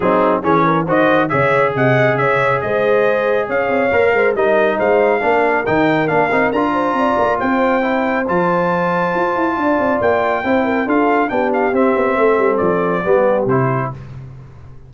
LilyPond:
<<
  \new Staff \with { instrumentName = "trumpet" } { \time 4/4 \tempo 4 = 138 gis'4 cis''4 dis''4 e''4 | fis''4 e''4 dis''2 | f''2 dis''4 f''4~ | f''4 g''4 f''4 ais''4~ |
ais''4 g''2 a''4~ | a''2. g''4~ | g''4 f''4 g''8 f''8 e''4~ | e''4 d''2 c''4 | }
  \new Staff \with { instrumentName = "horn" } { \time 4/4 dis'4 gis'8 ais'8 c''4 cis''4 | dis''4 cis''4 c''2 | cis''4. c''8 ais'4 c''4 | ais'2.~ ais'8 c''8 |
d''4 c''2.~ | c''2 d''2 | c''8 ais'8 a'4 g'2 | a'2 g'2 | }
  \new Staff \with { instrumentName = "trombone" } { \time 4/4 c'4 cis'4 fis'4 gis'4~ | gis'1~ | gis'4 ais'4 dis'2 | d'4 dis'4 d'8 dis'8 f'4~ |
f'2 e'4 f'4~ | f'1 | e'4 f'4 d'4 c'4~ | c'2 b4 e'4 | }
  \new Staff \with { instrumentName = "tuba" } { \time 4/4 fis4 e4 dis4 cis4 | c4 cis4 gis2 | cis'8 c'8 ais8 gis8 g4 gis4 | ais4 dis4 ais8 c'8 d'4 |
c'8 ais8 c'2 f4~ | f4 f'8 e'8 d'8 c'8 ais4 | c'4 d'4 b4 c'8 b8 | a8 g8 f4 g4 c4 | }
>>